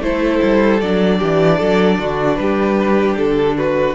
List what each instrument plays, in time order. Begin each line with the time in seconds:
0.00 cello A3, viola E4, violin A4 C5
0.43 cello G3
0.81 cello F#3, viola D4, violin D5
1.19 cello E3, violin G4
1.58 cello F#3, violin A4
1.99 cello D3, violin F#4
2.36 cello G3, violin G4 B4
3.17 cello D3, violin A4
3.57 violin F#4 B4